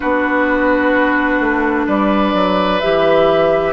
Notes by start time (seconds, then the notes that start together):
0.00 B3 D4 F#4 B4
1.39 A3
1.86 G3 B4 D5
2.34 F#3
2.80 E3 G4 E5